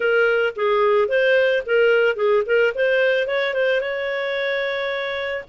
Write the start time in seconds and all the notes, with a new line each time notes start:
0.00 A#4
0.56 G#4
1.08 C5
1.65 A#4
2.15 G#4
2.45 A#4
2.74 C5
3.27 C#5
3.53 C5
3.80 C#5